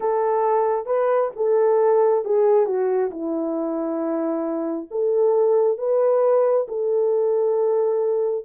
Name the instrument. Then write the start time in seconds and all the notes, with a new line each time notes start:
horn
0.00 A4
0.86 B4
1.36 A4
2.24 G#4
2.65 F#4
3.10 E4
4.90 A4
5.78 B4
6.67 A4